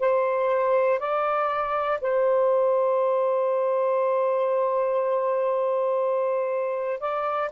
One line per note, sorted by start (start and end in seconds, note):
0.00 1.00 C5
1.00 2.00 D5
2.01 7.00 C5
7.00 7.50 D5